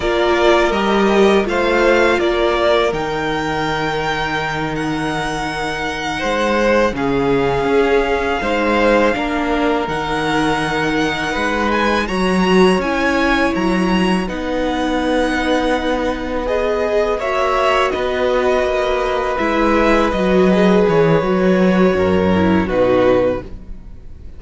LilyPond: <<
  \new Staff \with { instrumentName = "violin" } { \time 4/4 \tempo 4 = 82 d''4 dis''4 f''4 d''4 | g''2~ g''8 fis''4.~ | fis''4. f''2~ f''8~ | f''4. fis''2~ fis''8 |
gis''8 ais''4 gis''4 ais''4 fis''8~ | fis''2~ fis''8 dis''4 e''8~ | e''8 dis''2 e''4 dis''8~ | dis''8 cis''2~ cis''8 b'4 | }
  \new Staff \with { instrumentName = "violin" } { \time 4/4 ais'2 c''4 ais'4~ | ais'1~ | ais'8 c''4 gis'2 c''8~ | c''8 ais'2. b'8~ |
b'8 cis''2. b'8~ | b'2.~ b'8 cis''8~ | cis''8 b'2.~ b'8~ | b'2 ais'4 fis'4 | }
  \new Staff \with { instrumentName = "viola" } { \time 4/4 f'4 g'4 f'2 | dis'1~ | dis'4. cis'2 dis'8~ | dis'8 d'4 dis'2~ dis'8~ |
dis'8 fis'4 e'2 dis'8~ | dis'2~ dis'8 gis'4 fis'8~ | fis'2~ fis'8 e'4 fis'8 | gis'4 fis'4. e'8 dis'4 | }
  \new Staff \with { instrumentName = "cello" } { \time 4/4 ais4 g4 a4 ais4 | dis1~ | dis8 gis4 cis4 cis'4 gis8~ | gis8 ais4 dis2 gis8~ |
gis8 fis4 cis'4 fis4 b8~ | b2.~ b8 ais8~ | ais8 b4 ais4 gis4 fis8~ | fis8 e8 fis4 fis,4 b,4 | }
>>